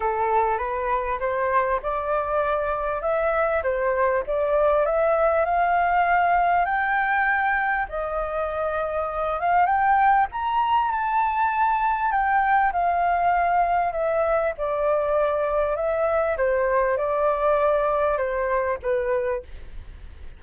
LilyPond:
\new Staff \with { instrumentName = "flute" } { \time 4/4 \tempo 4 = 99 a'4 b'4 c''4 d''4~ | d''4 e''4 c''4 d''4 | e''4 f''2 g''4~ | g''4 dis''2~ dis''8 f''8 |
g''4 ais''4 a''2 | g''4 f''2 e''4 | d''2 e''4 c''4 | d''2 c''4 b'4 | }